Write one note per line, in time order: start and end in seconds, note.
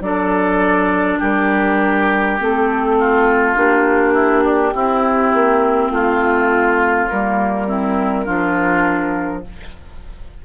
0.00 1.18 F#3
0.00 2.38 D4
0.00 1.19 A4
0.00 1.19 D5
1.19 2.40 G3
1.19 2.95 G4
1.19 2.39 A#4
2.39 3.56 A3
2.39 3.55 C4
2.39 3.57 A4
2.99 4.14 F4
3.55 4.74 A#3
3.55 4.73 D4
3.55 5.90 G4
4.14 4.43 E4
4.44 4.73 D4
4.74 5.33 C4
4.74 7.10 C4
4.74 5.92 E4
5.33 5.90 A#3
5.90 7.08 A3
5.90 7.08 F4
5.90 7.67 F4
7.08 8.27 G3
7.08 7.67 A#3
7.08 9.44 A#4
7.67 8.25 C4
7.67 8.25 E4
8.25 9.45 F3
8.25 9.42 D4
8.25 9.42 F4